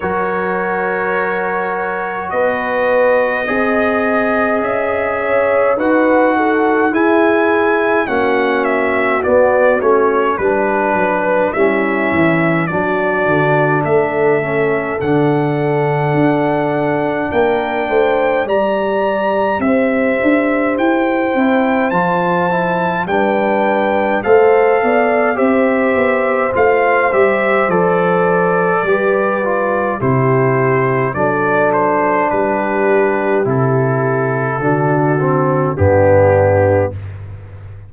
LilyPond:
<<
  \new Staff \with { instrumentName = "trumpet" } { \time 4/4 \tempo 4 = 52 cis''2 dis''2 | e''4 fis''4 gis''4 fis''8 e''8 | d''8 cis''8 b'4 e''4 d''4 | e''4 fis''2 g''4 |
ais''4 e''4 g''4 a''4 | g''4 f''4 e''4 f''8 e''8 | d''2 c''4 d''8 c''8 | b'4 a'2 g'4 | }
  \new Staff \with { instrumentName = "horn" } { \time 4/4 ais'2 b'4 dis''4~ | dis''8 cis''8 b'8 a'8 gis'4 fis'4~ | fis'4 b'4 e'4 fis'4 | a'2. ais'8 c''8 |
d''4 c''2. | b'4 c''8 d''8 c''2~ | c''4 b'4 g'4 a'4 | g'2 fis'4 d'4 | }
  \new Staff \with { instrumentName = "trombone" } { \time 4/4 fis'2. gis'4~ | gis'4 fis'4 e'4 cis'4 | b8 cis'8 d'4 cis'4 d'4~ | d'8 cis'8 d'2. |
g'2~ g'8 e'8 f'8 e'8 | d'4 a'4 g'4 f'8 g'8 | a'4 g'8 f'8 e'4 d'4~ | d'4 e'4 d'8 c'8 b4 | }
  \new Staff \with { instrumentName = "tuba" } { \time 4/4 fis2 b4 c'4 | cis'4 dis'4 e'4 ais4 | b8 a8 g8 fis8 g8 e8 fis8 d8 | a4 d4 d'4 ais8 a8 |
g4 c'8 d'8 e'8 c'8 f4 | g4 a8 b8 c'8 b8 a8 g8 | f4 g4 c4 fis4 | g4 c4 d4 g,4 | }
>>